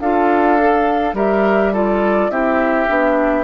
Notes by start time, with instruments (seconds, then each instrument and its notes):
0.00 bassoon D4, clarinet F4, oboe A4, flute F5
0.59 clarinet A4
1.13 bassoon G3, clarinet G4, oboe A#4, flute E5
1.73 clarinet F4, oboe A4, flute D5
2.30 bassoon C4, clarinet E4, oboe G4, flute E5
2.87 bassoon B3, clarinet D4